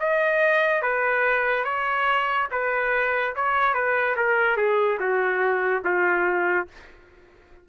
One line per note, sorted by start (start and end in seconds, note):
0.00 0.82 D#5
0.82 1.65 B4
1.65 2.48 C#5
2.52 3.35 B4
3.36 3.74 C#5
3.74 4.16 B4
4.17 4.57 A#4
4.57 4.99 G#4
5.00 5.83 F#4
5.85 6.68 F4